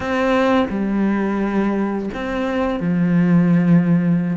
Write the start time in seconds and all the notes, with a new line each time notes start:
0.00 C4
0.70 G3
2.13 C4
2.80 F3